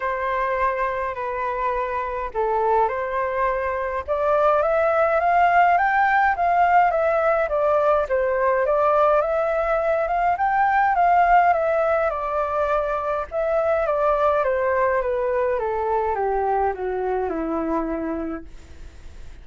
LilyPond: \new Staff \with { instrumentName = "flute" } { \time 4/4 \tempo 4 = 104 c''2 b'2 | a'4 c''2 d''4 | e''4 f''4 g''4 f''4 | e''4 d''4 c''4 d''4 |
e''4. f''8 g''4 f''4 | e''4 d''2 e''4 | d''4 c''4 b'4 a'4 | g'4 fis'4 e'2 | }